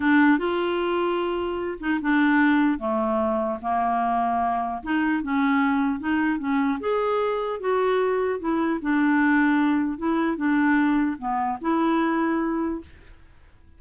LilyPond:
\new Staff \with { instrumentName = "clarinet" } { \time 4/4 \tempo 4 = 150 d'4 f'2.~ | f'8 dis'8 d'2 a4~ | a4 ais2. | dis'4 cis'2 dis'4 |
cis'4 gis'2 fis'4~ | fis'4 e'4 d'2~ | d'4 e'4 d'2 | b4 e'2. | }